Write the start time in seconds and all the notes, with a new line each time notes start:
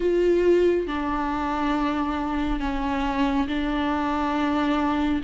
0.00 F4
0.87 D4
2.60 C#4
3.47 D4